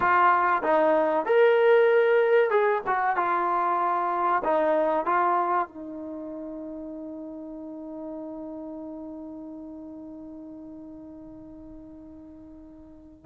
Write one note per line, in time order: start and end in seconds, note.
0.00 0.62 F4
0.62 1.25 D#4
1.25 2.50 A#4
2.50 2.82 G#4
2.86 3.16 F#4
3.16 4.42 F4
4.44 5.05 D#4
5.05 5.68 F4
5.68 13.25 D#4